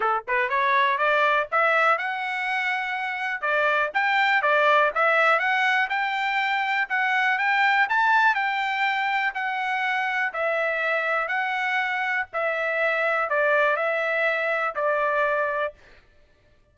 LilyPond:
\new Staff \with { instrumentName = "trumpet" } { \time 4/4 \tempo 4 = 122 a'8 b'8 cis''4 d''4 e''4 | fis''2. d''4 | g''4 d''4 e''4 fis''4 | g''2 fis''4 g''4 |
a''4 g''2 fis''4~ | fis''4 e''2 fis''4~ | fis''4 e''2 d''4 | e''2 d''2 | }